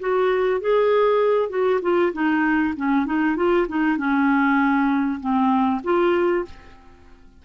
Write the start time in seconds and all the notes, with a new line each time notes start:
0.00 F#4
0.61 G#4
1.50 F#4
1.82 F4
2.13 D#4
2.77 C#4
3.06 D#4
3.36 F4
3.68 D#4
3.98 C#4
5.20 C4
5.84 F4